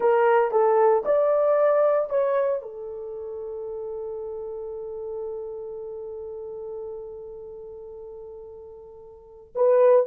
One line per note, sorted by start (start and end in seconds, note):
0.00 0.51 A#4
0.51 1.03 A4
1.05 2.09 D5
2.09 2.62 C#5
2.62 9.53 A4
9.55 10.06 B4